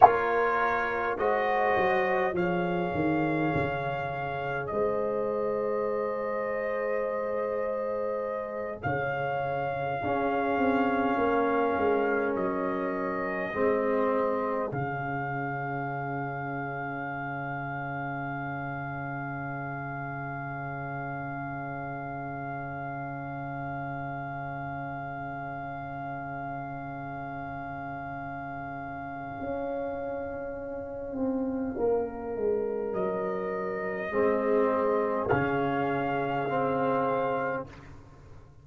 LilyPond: <<
  \new Staff \with { instrumentName = "trumpet" } { \time 4/4 \tempo 4 = 51 cis''4 dis''4 f''2 | dis''2.~ dis''8 f''8~ | f''2~ f''8 dis''4.~ | dis''8 f''2.~ f''8~ |
f''1~ | f''1~ | f''1 | dis''2 f''2 | }
  \new Staff \with { instrumentName = "horn" } { \time 4/4 ais'4 c''4 cis''2 | c''2.~ c''8 cis''8~ | cis''8 gis'4 ais'2 gis'8~ | gis'1~ |
gis'1~ | gis'1~ | gis'2. ais'4~ | ais'4 gis'2. | }
  \new Staff \with { instrumentName = "trombone" } { \time 4/4 f'4 fis'4 gis'2~ | gis'1~ | gis'8 cis'2. c'8~ | c'8 cis'2.~ cis'8~ |
cis'1~ | cis'1~ | cis'1~ | cis'4 c'4 cis'4 c'4 | }
  \new Staff \with { instrumentName = "tuba" } { \time 4/4 ais4 gis8 fis8 f8 dis8 cis4 | gis2.~ gis8 cis8~ | cis8 cis'8 c'8 ais8 gis8 fis4 gis8~ | gis8 cis2.~ cis8~ |
cis1~ | cis1~ | cis4 cis'4. c'8 ais8 gis8 | fis4 gis4 cis2 | }
>>